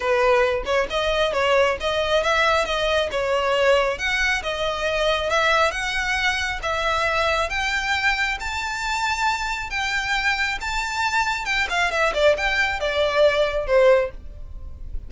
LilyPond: \new Staff \with { instrumentName = "violin" } { \time 4/4 \tempo 4 = 136 b'4. cis''8 dis''4 cis''4 | dis''4 e''4 dis''4 cis''4~ | cis''4 fis''4 dis''2 | e''4 fis''2 e''4~ |
e''4 g''2 a''4~ | a''2 g''2 | a''2 g''8 f''8 e''8 d''8 | g''4 d''2 c''4 | }